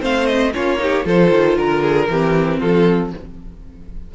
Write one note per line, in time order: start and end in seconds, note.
0.00 0.54 A3
0.00 0.52 C4
0.00 0.54 C5
0.00 0.27 F5
0.27 0.52 D#5
0.54 1.06 A#3
0.54 0.78 C#4
0.54 0.80 F4
0.54 1.07 C#5
0.78 1.04 D#4
0.78 1.06 G4
1.05 1.31 F3
1.05 2.08 F4
1.05 1.58 A4
1.05 1.58 C5
1.31 1.57 D#3
1.57 2.09 D3
1.57 2.60 A#4
1.57 1.83 A#4
1.83 2.09 G#4
2.09 2.61 E3
2.09 3.15 C4
2.09 2.60 G4
2.60 3.13 F3
2.60 3.11 F4
2.60 3.12 A4